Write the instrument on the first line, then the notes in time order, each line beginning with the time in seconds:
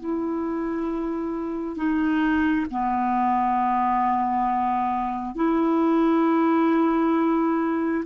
clarinet
0.00 E4
1.77 D#4
2.71 B3
5.36 E4